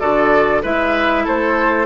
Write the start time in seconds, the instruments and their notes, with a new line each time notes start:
0.00 bassoon D3, clarinet F#4, oboe A4, flute D5
0.63 bassoon G#3, clarinet E4, oboe B4, flute E5
1.25 bassoon A3, oboe A4, flute C5